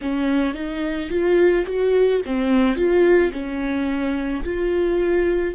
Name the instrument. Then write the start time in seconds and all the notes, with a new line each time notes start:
viola
0.01 C#4
0.54 D#4
1.09 F4
1.66 F#4
2.25 C4
2.76 F4
3.32 C#4
4.43 F4